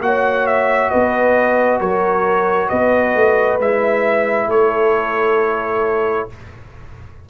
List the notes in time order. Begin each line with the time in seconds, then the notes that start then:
0.00 A#3 F#4 C#5 F#5
0.46 E5
0.89 B3 B4 D#5
1.80 F#3 A#4 C#5
2.68 B3 B4 D#5
3.15 A3
3.59 G#3 E4 E5
4.47 A3 A4 C#5